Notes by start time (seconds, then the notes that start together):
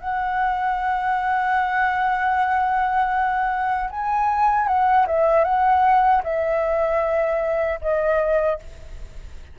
0.00 F#5
3.90 G#5
4.67 F#5
5.07 E5
5.44 F#5
6.23 E5
7.81 D#5